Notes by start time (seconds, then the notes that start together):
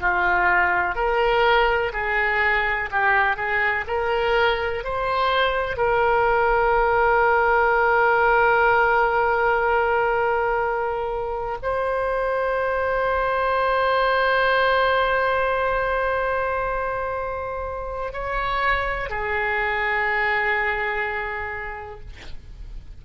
0.00 F4
0.95 A#4
1.93 G#4
2.91 G4
3.37 G#4
3.87 A#4
4.84 C5
5.77 A#4
11.62 C5
18.13 C#5
19.10 G#4